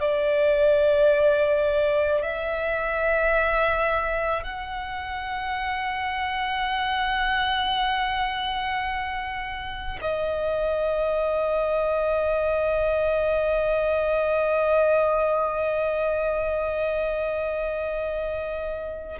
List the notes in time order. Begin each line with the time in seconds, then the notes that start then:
0.00 D5
2.22 E5
4.43 F#5
10.01 D#5